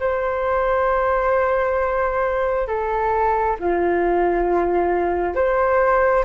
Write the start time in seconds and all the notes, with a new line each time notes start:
0.00 C5
2.68 A4
3.60 F4
5.35 C5